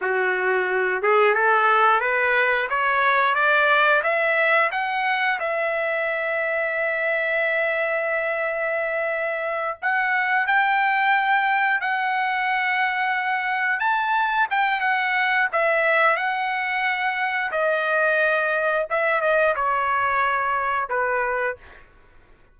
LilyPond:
\new Staff \with { instrumentName = "trumpet" } { \time 4/4 \tempo 4 = 89 fis'4. gis'8 a'4 b'4 | cis''4 d''4 e''4 fis''4 | e''1~ | e''2~ e''8 fis''4 g''8~ |
g''4. fis''2~ fis''8~ | fis''8 a''4 g''8 fis''4 e''4 | fis''2 dis''2 | e''8 dis''8 cis''2 b'4 | }